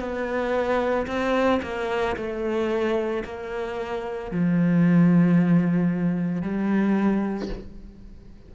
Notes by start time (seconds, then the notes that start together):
0.00 B3
1.08 C4
1.63 A#3
2.17 A3
3.25 A#3
4.31 F3
6.42 G3